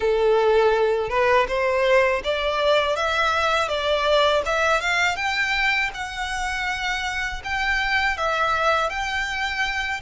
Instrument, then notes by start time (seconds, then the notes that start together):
violin
0.00 A4
1.09 B4
1.48 C5
2.24 D5
2.96 E5
3.68 D5
4.45 E5
4.80 F5
5.16 G5
5.94 F#5
7.44 G5
8.17 E5
8.89 G5